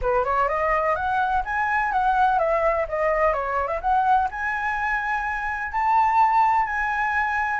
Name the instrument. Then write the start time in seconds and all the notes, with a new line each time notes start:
flute
0.01 B4
0.24 C#5
0.48 D#5
0.95 F#5
1.44 G#5
1.92 F#5
2.39 E5
2.88 D#5
3.33 C#5
3.67 E5
3.81 F#5
4.31 G#5
5.71 A5
6.66 G#5